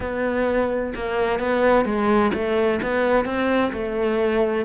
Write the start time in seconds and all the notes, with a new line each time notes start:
0.00 B3
0.95 A#3
1.39 B3
1.85 G#3
2.33 A3
2.82 B3
3.25 C4
3.73 A3